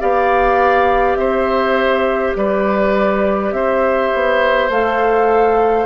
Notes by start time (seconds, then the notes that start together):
0.00 B3 G4 D5 F5
1.15 C4 C5 E5
2.36 G3 B4 D5
3.52 C4 C5 E5
4.14 B3
4.69 A3 A4 F5